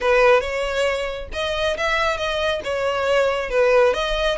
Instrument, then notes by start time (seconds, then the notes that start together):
violin
0.00 B4
0.41 C#5
1.33 D#5
1.77 E5
2.17 D#5
2.64 C#5
3.50 B4
3.93 D#5